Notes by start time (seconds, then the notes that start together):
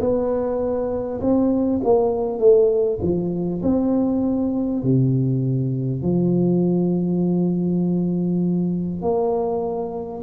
0.00 B3
1.21 C4
1.83 A#3
2.39 A3
3.01 F3
3.62 C4
4.82 C3
6.02 F3
9.01 A#3